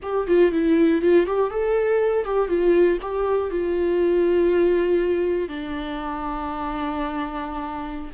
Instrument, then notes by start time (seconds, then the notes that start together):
viola
0.02 G4
0.27 F4
0.51 E4
1.01 F4
1.26 G4
1.50 A4
2.25 G4
2.48 F4
3.01 G4
3.50 F4
5.48 D4